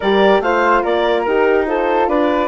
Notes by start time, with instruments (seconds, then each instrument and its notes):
0.00 bassoon G3, horn G4, flute A#4, clarinet D5
0.39 bassoon A3, horn F4, flute C5, clarinet F5
0.83 bassoon A#3, flute A#4, clarinet D5
1.22 bassoon D#4, horn G4, clarinet A#4
1.66 horn F4, flute A4, clarinet C5
2.08 bassoon D4, flute B4, clarinet D5